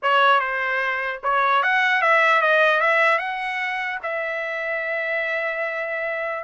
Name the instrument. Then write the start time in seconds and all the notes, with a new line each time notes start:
trumpet
0.02 C#5
0.40 C5
1.23 C#5
1.63 F#5
2.01 E5
2.41 D#5
2.80 E5
3.18 F#5
4.03 E5